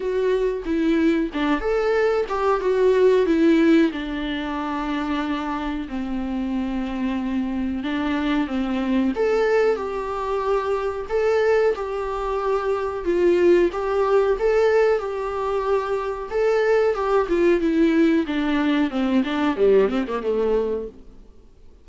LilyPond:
\new Staff \with { instrumentName = "viola" } { \time 4/4 \tempo 4 = 92 fis'4 e'4 d'8 a'4 g'8 | fis'4 e'4 d'2~ | d'4 c'2. | d'4 c'4 a'4 g'4~ |
g'4 a'4 g'2 | f'4 g'4 a'4 g'4~ | g'4 a'4 g'8 f'8 e'4 | d'4 c'8 d'8 g8 c'16 ais16 a4 | }